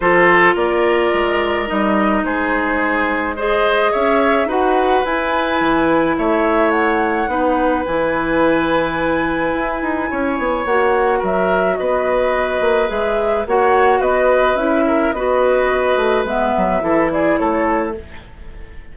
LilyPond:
<<
  \new Staff \with { instrumentName = "flute" } { \time 4/4 \tempo 4 = 107 c''4 d''2 dis''4 | c''2 dis''4 e''4 | fis''4 gis''2 e''4 | fis''2 gis''2~ |
gis''2. fis''4 | e''4 dis''2 e''4 | fis''4 dis''4 e''4 dis''4~ | dis''4 e''4. d''8 cis''4 | }
  \new Staff \with { instrumentName = "oboe" } { \time 4/4 a'4 ais'2. | gis'2 c''4 cis''4 | b'2. cis''4~ | cis''4 b'2.~ |
b'2 cis''2 | ais'4 b'2. | cis''4 b'4. ais'8 b'4~ | b'2 a'8 gis'8 a'4 | }
  \new Staff \with { instrumentName = "clarinet" } { \time 4/4 f'2. dis'4~ | dis'2 gis'2 | fis'4 e'2.~ | e'4 dis'4 e'2~ |
e'2. fis'4~ | fis'2. gis'4 | fis'2 e'4 fis'4~ | fis'4 b4 e'2 | }
  \new Staff \with { instrumentName = "bassoon" } { \time 4/4 f4 ais4 gis4 g4 | gis2. cis'4 | dis'4 e'4 e4 a4~ | a4 b4 e2~ |
e4 e'8 dis'8 cis'8 b8 ais4 | fis4 b4. ais8 gis4 | ais4 b4 cis'4 b4~ | b8 a8 gis8 fis8 e4 a4 | }
>>